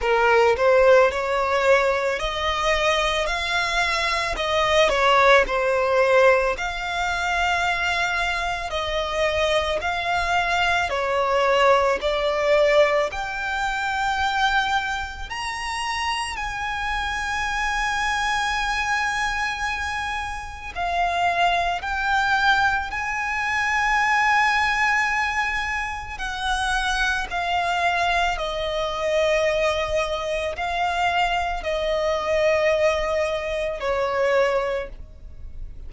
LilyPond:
\new Staff \with { instrumentName = "violin" } { \time 4/4 \tempo 4 = 55 ais'8 c''8 cis''4 dis''4 f''4 | dis''8 cis''8 c''4 f''2 | dis''4 f''4 cis''4 d''4 | g''2 ais''4 gis''4~ |
gis''2. f''4 | g''4 gis''2. | fis''4 f''4 dis''2 | f''4 dis''2 cis''4 | }